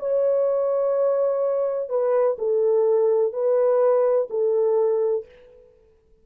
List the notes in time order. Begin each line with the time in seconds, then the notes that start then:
0.00 C#5
1.90 B4
2.39 A4
3.33 B4
4.31 A4